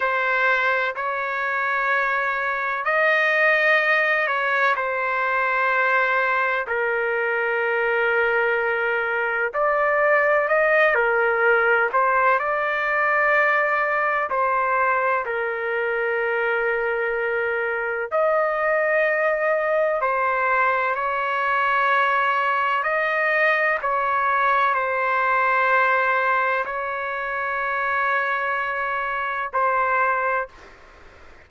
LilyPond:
\new Staff \with { instrumentName = "trumpet" } { \time 4/4 \tempo 4 = 63 c''4 cis''2 dis''4~ | dis''8 cis''8 c''2 ais'4~ | ais'2 d''4 dis''8 ais'8~ | ais'8 c''8 d''2 c''4 |
ais'2. dis''4~ | dis''4 c''4 cis''2 | dis''4 cis''4 c''2 | cis''2. c''4 | }